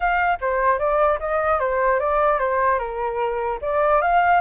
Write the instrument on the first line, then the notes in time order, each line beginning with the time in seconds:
flute
0.00 F5
0.40 C5
0.78 D5
1.19 D#5
1.59 C5
1.99 D5
2.39 C5
2.79 A#4
3.61 D5
4.01 F5